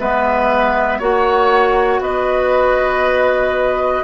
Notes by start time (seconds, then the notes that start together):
0.00 G#3 B3 B4 E5
0.99 A#3 F#4 C#5 F#5
2.00 B3 B4 D#5